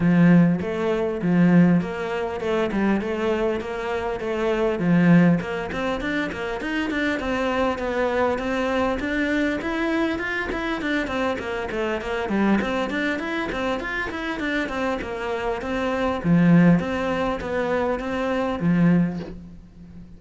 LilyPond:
\new Staff \with { instrumentName = "cello" } { \time 4/4 \tempo 4 = 100 f4 a4 f4 ais4 | a8 g8 a4 ais4 a4 | f4 ais8 c'8 d'8 ais8 dis'8 d'8 | c'4 b4 c'4 d'4 |
e'4 f'8 e'8 d'8 c'8 ais8 a8 | ais8 g8 c'8 d'8 e'8 c'8 f'8 e'8 | d'8 c'8 ais4 c'4 f4 | c'4 b4 c'4 f4 | }